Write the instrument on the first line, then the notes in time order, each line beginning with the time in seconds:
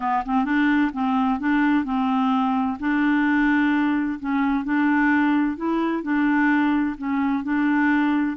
clarinet
0.00 B3
0.25 C4
0.44 D4
0.93 C4
1.39 D4
1.84 C4
2.79 D4
4.19 C#4
4.64 D4
5.56 E4
6.03 D4
6.97 C#4
7.43 D4